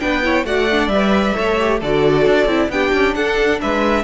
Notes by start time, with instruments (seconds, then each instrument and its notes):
0.00 cello B3, viola D4, violin B4 G5
0.23 viola E4, violin C#5
0.44 cello A3, viola F#4, violin D5 F#5
0.71 viola D4
0.88 cello G3, viola B4, violin E5
1.35 cello A3, viola A4, violin C#5
1.59 viola G4
1.80 cello D3, viola F#4, violin A4 D5
2.26 cello D4
2.46 cello C4, viola E4
2.69 cello B3, viola D4, violin G4 G5
2.93 cello C#4
3.15 cello D4, violin A4 F#5
3.61 cello G#3, violin B4 E5